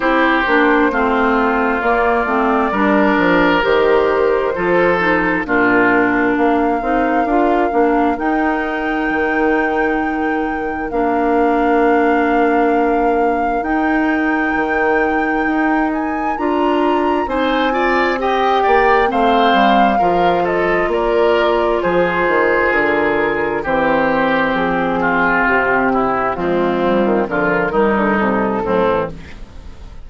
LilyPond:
<<
  \new Staff \with { instrumentName = "flute" } { \time 4/4 \tempo 4 = 66 c''2 d''2 | c''2 ais'4 f''4~ | f''4 g''2. | f''2. g''4~ |
g''4. gis''8 ais''4 gis''4 | g''4 f''4. dis''8 d''4 | c''4 ais'4 c''4 gis'4 | g'4 f'4 ais'4 a'4 | }
  \new Staff \with { instrumentName = "oboe" } { \time 4/4 g'4 f'2 ais'4~ | ais'4 a'4 f'4 ais'4~ | ais'1~ | ais'1~ |
ais'2. c''8 d''8 | dis''8 d''8 c''4 ais'8 a'8 ais'4 | gis'2 g'4. f'8~ | f'8 e'8 c'4 f'8 dis'4 c'8 | }
  \new Staff \with { instrumentName = "clarinet" } { \time 4/4 e'8 d'8 c'4 ais8 c'8 d'4 | g'4 f'8 dis'8 d'4. dis'8 | f'8 d'8 dis'2. | d'2. dis'4~ |
dis'2 f'4 dis'8 f'8 | g'4 c'4 f'2~ | f'2 c'2~ | c'4 gis8 g8 f8 g4 fis16 e16 | }
  \new Staff \with { instrumentName = "bassoon" } { \time 4/4 c'8 ais8 a4 ais8 a8 g8 f8 | dis4 f4 ais,4 ais8 c'8 | d'8 ais8 dis'4 dis2 | ais2. dis'4 |
dis4 dis'4 d'4 c'4~ | c'8 ais8 a8 g8 f4 ais4 | f8 dis8 d4 e4 f4 | c4 f8. dis16 d8 dis16 d16 c8 a,8 | }
>>